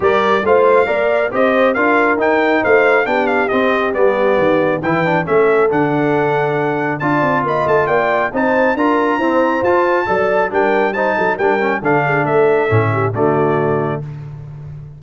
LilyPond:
<<
  \new Staff \with { instrumentName = "trumpet" } { \time 4/4 \tempo 4 = 137 d''4 f''2 dis''4 | f''4 g''4 f''4 g''8 f''8 | dis''4 d''2 g''4 | e''4 fis''2. |
a''4 b''8 a''8 g''4 a''4 | ais''2 a''2 | g''4 a''4 g''4 f''4 | e''2 d''2 | }
  \new Staff \with { instrumentName = "horn" } { \time 4/4 ais'4 c''4 d''4 c''4 | ais'2 c''4 g'4~ | g'2. b'4 | a'1 |
d''4 dis''4 d''4 c''4 | ais'4 c''2 d''4 | ais'4 c''8 a'8 ais'4 a'8 gis'8 | a'4. g'8 fis'2 | }
  \new Staff \with { instrumentName = "trombone" } { \time 4/4 g'4 f'4 ais'4 g'4 | f'4 dis'2 d'4 | c'4 b2 e'8 d'8 | cis'4 d'2. |
f'2. dis'4 | f'4 c'4 f'4 a'4 | d'4 dis'4 d'8 cis'8 d'4~ | d'4 cis'4 a2 | }
  \new Staff \with { instrumentName = "tuba" } { \time 4/4 g4 a4 ais4 c'4 | d'4 dis'4 a4 b4 | c'4 g4 dis4 e4 | a4 d2. |
d'8 c'8 ais8 a8 ais4 c'4 | d'4 e'4 f'4 fis4 | g4. fis8 g4 d4 | a4 a,4 d2 | }
>>